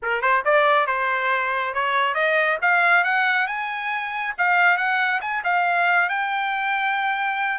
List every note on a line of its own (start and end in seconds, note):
0.02 0.21 A#4
0.21 0.43 C5
0.44 0.87 D5
0.87 1.74 C5
1.74 2.14 C#5
2.14 2.58 D#5
2.61 3.03 F5
3.03 3.47 F#5
3.47 4.34 G#5
4.38 4.77 F5
4.77 5.20 F#5
5.21 5.42 G#5
5.44 6.09 F5
6.09 7.58 G5